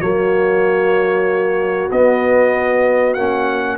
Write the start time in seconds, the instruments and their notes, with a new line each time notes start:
0.00 tuba F#3, trombone A#3, horn F#4, trumpet C#5
1.91 tuba B3, trombone B3, trumpet D#5
3.14 tuba A#3, trombone C#4, trumpet F#5